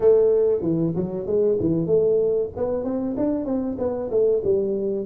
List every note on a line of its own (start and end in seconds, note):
0.00 0.61 A3
0.61 0.93 E3
0.95 1.26 F#3
1.26 1.58 G#3
1.60 1.86 E3
1.86 2.49 A3
2.56 2.84 B3
2.84 3.15 C4
3.16 3.45 D4
3.45 3.76 C4
3.78 4.10 B3
4.10 4.42 A3
4.44 5.05 G3